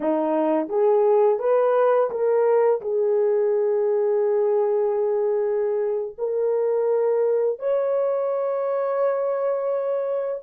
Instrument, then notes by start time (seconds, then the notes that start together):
horn
0.00 D#4
0.68 G#4
1.39 B4
2.10 A#4
2.81 G#4
6.18 A#4
7.59 C#5